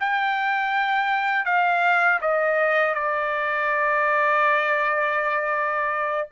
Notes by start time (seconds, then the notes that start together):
0.00 G5
1.45 F5
2.21 D#5
2.94 D5